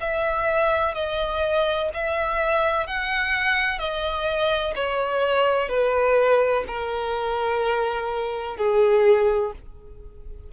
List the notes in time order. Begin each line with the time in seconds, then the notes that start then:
0.00 E5
0.94 D#5
1.94 E5
2.87 F#5
3.79 D#5
4.75 C#5
5.69 B4
6.67 A#4
8.57 G#4